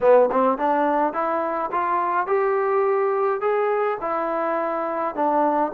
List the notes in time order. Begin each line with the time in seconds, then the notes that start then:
0.01 B3
0.31 C4
0.58 D4
1.13 E4
1.71 F4
2.26 G4
3.40 G#4
4.01 E4
5.15 D4